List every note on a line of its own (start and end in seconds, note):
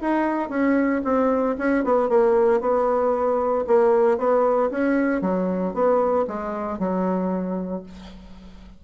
0.00 0.49 D#4
0.49 1.01 C#4
1.04 1.56 C4
1.58 1.84 C#4
1.84 2.09 B3
2.09 2.60 A#3
2.60 3.65 B3
3.67 4.18 A#3
4.18 4.70 B3
4.70 5.21 C#4
5.21 5.73 F#3
5.73 6.25 B3
6.27 6.79 G#3
6.79 7.83 F#3